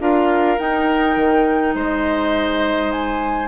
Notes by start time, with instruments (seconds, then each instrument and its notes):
0.00 bassoon D4, clarinet F4, oboe A#4, flute F5
0.59 clarinet D#4, bassoon D#4, flute G5
1.17 bassoon D#3
1.75 bassoon G#3, oboe C5, flute D#5
2.92 flute G#5